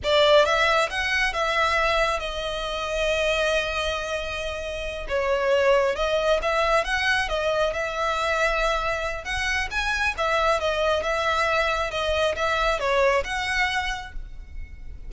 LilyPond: \new Staff \with { instrumentName = "violin" } { \time 4/4 \tempo 4 = 136 d''4 e''4 fis''4 e''4~ | e''4 dis''2.~ | dis''2.~ dis''8 cis''8~ | cis''4. dis''4 e''4 fis''8~ |
fis''8 dis''4 e''2~ e''8~ | e''4 fis''4 gis''4 e''4 | dis''4 e''2 dis''4 | e''4 cis''4 fis''2 | }